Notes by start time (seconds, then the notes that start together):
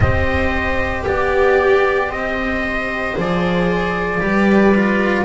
0.00 C4 G4 C5 D#5
1.04 B3 G4 D5
2.09 C4 C5 D#5
3.15 F3 G#4 D5
4.20 G3 G4 B4
4.74 F4